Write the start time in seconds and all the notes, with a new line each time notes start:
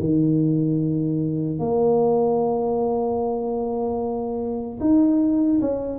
0.00 D#3
1.59 A#3
4.80 D#4
5.61 C#4